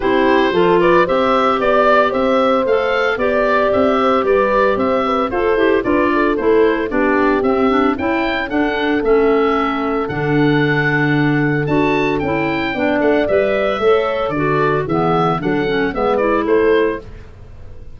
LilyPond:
<<
  \new Staff \with { instrumentName = "oboe" } { \time 4/4 \tempo 4 = 113 c''4. d''8 e''4 d''4 | e''4 f''4 d''4 e''4 | d''4 e''4 c''4 d''4 | c''4 d''4 e''4 g''4 |
fis''4 e''2 fis''4~ | fis''2 a''4 g''4~ | g''8 fis''8 e''2 d''4 | e''4 fis''4 e''8 d''8 c''4 | }
  \new Staff \with { instrumentName = "horn" } { \time 4/4 g'4 a'8 b'8 c''4 d''4 | c''2 d''4. c''8 | b'4 c''8 b'8 a'4 b'8 a'8~ | a'4 g'2 e'4 |
a'1~ | a'1 | d''2 cis''4 a'4 | gis'4 a'4 b'4 a'4 | }
  \new Staff \with { instrumentName = "clarinet" } { \time 4/4 e'4 f'4 g'2~ | g'4 a'4 g'2~ | g'2 a'8 g'8 f'4 | e'4 d'4 c'8 d'8 e'4 |
d'4 cis'2 d'4~ | d'2 fis'4 e'4 | d'4 b'4 a'4 fis'4 | b4 d'8 cis'8 b8 e'4. | }
  \new Staff \with { instrumentName = "tuba" } { \time 4/4 c'4 f4 c'4 b4 | c'4 a4 b4 c'4 | g4 c'4 f'8 e'8 d'4 | a4 b4 c'4 cis'4 |
d'4 a2 d4~ | d2 d'4 cis'4 | b8 a8 g4 a4 d4 | e4 fis4 gis4 a4 | }
>>